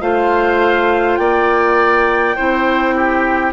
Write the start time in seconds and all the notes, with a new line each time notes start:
0.00 A3 F4 C5 F5
1.16 A#3 D5 G5
2.36 C4 E4 C5
2.96 G4